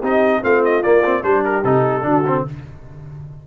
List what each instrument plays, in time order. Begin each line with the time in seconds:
0.00 tuba C4, trombone D#4, horn G4, trumpet D#5
0.41 tuba A3, trombone C4, horn F4, trumpet F5
0.64 trumpet D#5
0.82 trombone A#3, tuba A#3, trumpet D5
1.04 trombone C4
1.23 tuba G3, trombone D4, horn G4, trumpet C5
1.45 trumpet A#4
1.64 tuba C3, trombone D#4, trumpet A4
2.02 tuba D3, trombone D4, horn F#4
2.27 trombone C4